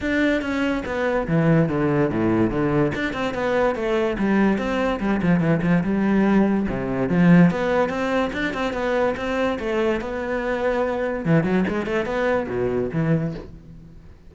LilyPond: \new Staff \with { instrumentName = "cello" } { \time 4/4 \tempo 4 = 144 d'4 cis'4 b4 e4 | d4 a,4 d4 d'8 c'8 | b4 a4 g4 c'4 | g8 f8 e8 f8 g2 |
c4 f4 b4 c'4 | d'8 c'8 b4 c'4 a4 | b2. e8 fis8 | gis8 a8 b4 b,4 e4 | }